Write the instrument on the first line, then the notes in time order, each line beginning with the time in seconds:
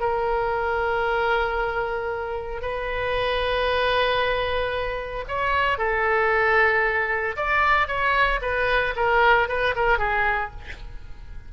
oboe
0.00 A#4
2.61 B4
5.28 C#5
5.78 A4
7.36 D5
7.87 C#5
8.42 B4
8.96 A#4
9.48 B4
9.75 A#4
9.98 G#4